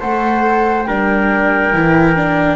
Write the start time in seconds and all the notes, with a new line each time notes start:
0.00 A3 A4 C5 F#5
0.83 G3 D4 A#4 G5
1.73 E3 E4
2.16 D4